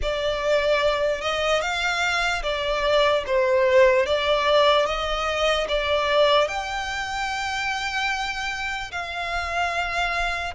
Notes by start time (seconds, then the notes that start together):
0.02 D5
1.21 D#5
1.61 F5
2.43 D5
3.26 C5
4.05 D5
4.86 D#5
5.68 D5
6.48 G5
8.92 F5